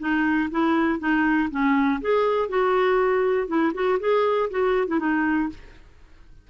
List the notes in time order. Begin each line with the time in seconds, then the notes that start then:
0.00 D#4
0.51 E4
1.00 D#4
1.51 C#4
2.01 G#4
2.49 F#4
3.48 E4
3.74 F#4
4.00 G#4
4.51 F#4
4.88 E4
4.99 D#4